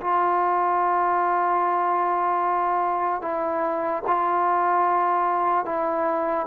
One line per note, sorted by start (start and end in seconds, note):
0.00 3.21 F4
3.21 4.02 E4
4.07 5.65 F4
5.65 6.46 E4